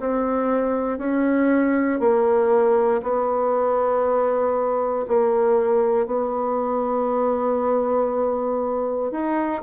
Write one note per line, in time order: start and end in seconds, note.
0.00 0.98 C4
0.98 2.00 C#4
2.00 3.01 A#3
3.02 5.06 B3
5.08 6.06 A#3
6.06 9.11 B3
9.11 9.62 D#4